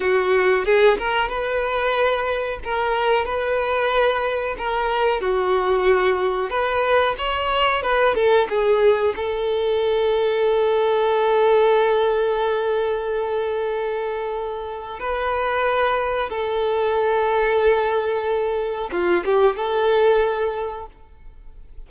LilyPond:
\new Staff \with { instrumentName = "violin" } { \time 4/4 \tempo 4 = 92 fis'4 gis'8 ais'8 b'2 | ais'4 b'2 ais'4 | fis'2 b'4 cis''4 | b'8 a'8 gis'4 a'2~ |
a'1~ | a'2. b'4~ | b'4 a'2.~ | a'4 f'8 g'8 a'2 | }